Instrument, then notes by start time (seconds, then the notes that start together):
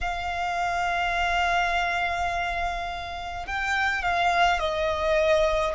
violin
0.01 F5
3.46 G5
4.02 F5
4.59 D#5